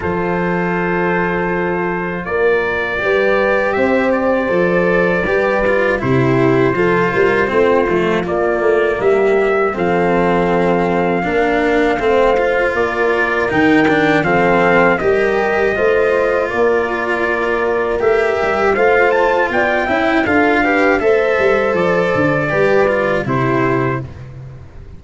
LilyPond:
<<
  \new Staff \with { instrumentName = "trumpet" } { \time 4/4 \tempo 4 = 80 c''2. d''4~ | d''4 e''8 d''2~ d''8 | c''2. d''4 | e''4 f''2.~ |
f''4 d''4 g''4 f''4 | dis''2 d''2 | e''4 f''8 a''8 g''4 f''4 | e''4 d''2 c''4 | }
  \new Staff \with { instrumentName = "horn" } { \time 4/4 a'2. ais'4 | b'4 c''2 b'4 | g'4 a'8 ais'8 f'2 | g'4 a'2 ais'4 |
c''4 ais'2 a'4 | ais'4 c''4 ais'2~ | ais'4 c''4 d''8 e''8 a'8 b'8 | c''2 b'4 g'4 | }
  \new Staff \with { instrumentName = "cello" } { \time 4/4 f'1 | g'2 a'4 g'8 f'8 | e'4 f'4 c'8 a8 ais4~ | ais4 c'2 d'4 |
c'8 f'4. dis'8 d'8 c'4 | g'4 f'2. | g'4 f'4. e'8 f'8 g'8 | a'2 g'8 f'8 e'4 | }
  \new Staff \with { instrumentName = "tuba" } { \time 4/4 f2. ais4 | g4 c'4 f4 g4 | c4 f8 g8 a8 f8 ais8 a8 | g4 f2 ais4 |
a4 ais4 dis4 f4 | g4 a4 ais2 | a8 g8 a4 b8 cis'8 d'4 | a8 g8 f8 d8 g4 c4 | }
>>